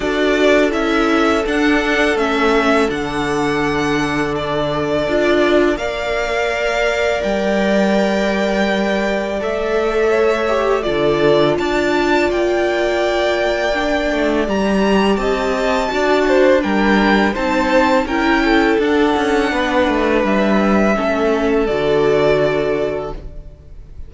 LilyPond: <<
  \new Staff \with { instrumentName = "violin" } { \time 4/4 \tempo 4 = 83 d''4 e''4 fis''4 e''4 | fis''2 d''2 | f''2 g''2~ | g''4 e''2 d''4 |
a''4 g''2. | ais''4 a''2 g''4 | a''4 g''4 fis''2 | e''2 d''2 | }
  \new Staff \with { instrumentName = "violin" } { \time 4/4 a'1~ | a'1 | d''1~ | d''2 cis''4 a'4 |
d''1~ | d''4 dis''4 d''8 c''8 ais'4 | c''4 ais'8 a'4. b'4~ | b'4 a'2. | }
  \new Staff \with { instrumentName = "viola" } { \time 4/4 fis'4 e'4 d'4 cis'4 | d'2. f'4 | ais'1~ | ais'4 a'4. g'8 f'4~ |
f'2. d'4 | g'2 fis'4 d'4 | dis'4 e'4 d'2~ | d'4 cis'4 fis'2 | }
  \new Staff \with { instrumentName = "cello" } { \time 4/4 d'4 cis'4 d'4 a4 | d2. d'4 | ais2 g2~ | g4 a2 d4 |
d'4 ais2~ ais8 a8 | g4 c'4 d'4 g4 | c'4 cis'4 d'8 cis'8 b8 a8 | g4 a4 d2 | }
>>